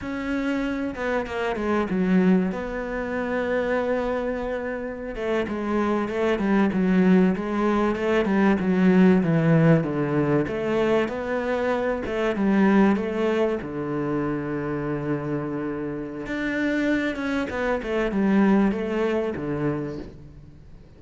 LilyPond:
\new Staff \with { instrumentName = "cello" } { \time 4/4 \tempo 4 = 96 cis'4. b8 ais8 gis8 fis4 | b1~ | b16 a8 gis4 a8 g8 fis4 gis16~ | gis8. a8 g8 fis4 e4 d16~ |
d8. a4 b4. a8 g16~ | g8. a4 d2~ d16~ | d2 d'4. cis'8 | b8 a8 g4 a4 d4 | }